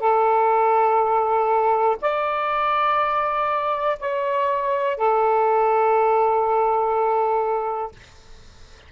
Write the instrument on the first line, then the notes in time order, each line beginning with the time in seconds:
saxophone
0.00 A4
2.01 D5
3.99 C#5
4.97 A4